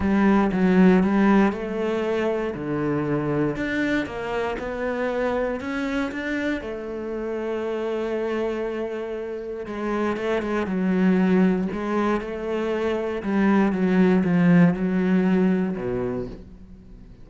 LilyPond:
\new Staff \with { instrumentName = "cello" } { \time 4/4 \tempo 4 = 118 g4 fis4 g4 a4~ | a4 d2 d'4 | ais4 b2 cis'4 | d'4 a2.~ |
a2. gis4 | a8 gis8 fis2 gis4 | a2 g4 fis4 | f4 fis2 b,4 | }